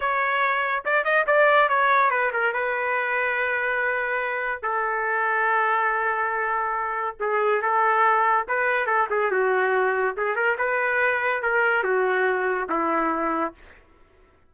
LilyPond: \new Staff \with { instrumentName = "trumpet" } { \time 4/4 \tempo 4 = 142 cis''2 d''8 dis''8 d''4 | cis''4 b'8 ais'8 b'2~ | b'2. a'4~ | a'1~ |
a'4 gis'4 a'2 | b'4 a'8 gis'8 fis'2 | gis'8 ais'8 b'2 ais'4 | fis'2 e'2 | }